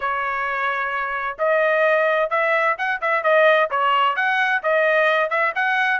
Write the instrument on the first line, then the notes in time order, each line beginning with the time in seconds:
trumpet
0.00 C#5
1.38 D#5
2.30 E5
2.77 F#5
3.01 E5
3.23 D#5
3.70 C#5
4.16 F#5
4.63 D#5
5.30 E5
5.55 F#5